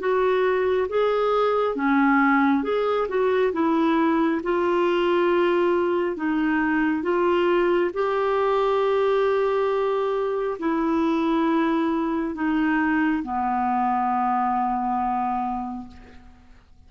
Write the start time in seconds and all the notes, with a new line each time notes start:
0.00 F#4
0.89 G#4
1.76 C#4
2.64 G#4
3.09 F#4
3.53 E4
4.44 F4
6.17 D#4
7.03 F4
7.94 G4
10.59 E4
12.35 D#4
13.24 B3